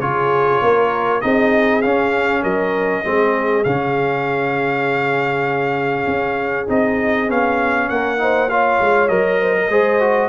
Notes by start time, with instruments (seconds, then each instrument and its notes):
0.00 tuba C#3, trombone F4, horn G#4, trumpet C#5
0.62 tuba A#3, horn A#4
1.21 tuba C4, trombone D#4, horn G#4, trumpet D#5
1.82 trombone C#4, tuba C#4, trumpet F5
2.42 tuba F#3, horn A#4, trumpet D#5
3.04 tuba G#3, trombone C4, horn G#4
3.64 tuba C#3, trombone C#4, trumpet F5
6.07 tuba C#4
6.67 tuba C4, trombone D#4, trumpet D#5
7.28 tuba B3, trombone C#4, trumpet F5
7.89 tuba A#3, horn A#4, trumpet F#5
8.18 trombone D#4, horn C5
8.49 trombone F4, horn C#5, trumpet F5
8.81 tuba G#3
9.08 tuba F#3, trombone A#4, trumpet D#5
9.41 horn C5
9.56 horn A#4
9.69 tuba G#3, trombone G#4, horn C5
10.00 trombone F#4